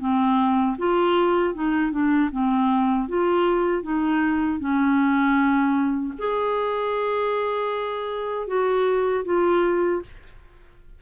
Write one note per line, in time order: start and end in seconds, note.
0.00 0.77 C4
0.78 1.54 F4
1.54 1.92 D#4
1.92 2.30 D4
2.31 3.08 C4
3.09 3.83 F4
3.83 4.60 D#4
4.60 6.14 C#4
6.18 8.48 G#4
8.48 9.24 F#4
9.25 10.02 F4